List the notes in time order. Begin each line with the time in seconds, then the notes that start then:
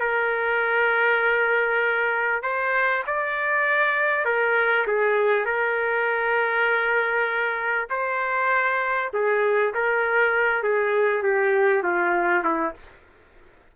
0.00 A#4
2.42 C5
3.06 D5
4.25 A#4
4.87 G#4
5.45 A#4
7.89 C5
9.13 G#4
9.74 A#4
10.63 G#4
11.22 G4
11.83 F4
12.44 E4